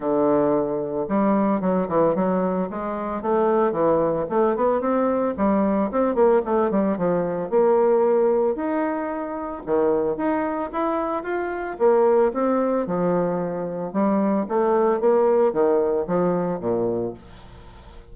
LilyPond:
\new Staff \with { instrumentName = "bassoon" } { \time 4/4 \tempo 4 = 112 d2 g4 fis8 e8 | fis4 gis4 a4 e4 | a8 b8 c'4 g4 c'8 ais8 | a8 g8 f4 ais2 |
dis'2 dis4 dis'4 | e'4 f'4 ais4 c'4 | f2 g4 a4 | ais4 dis4 f4 ais,4 | }